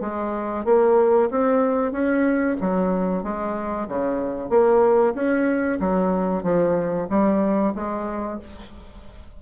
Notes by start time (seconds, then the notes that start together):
0.00 G#3
0.65 A#3
1.30 C4
1.92 C#4
2.60 F#3
3.23 G#3
3.88 C#3
4.50 A#3
5.14 C#4
5.80 F#3
6.43 F3
7.09 G3
7.74 G#3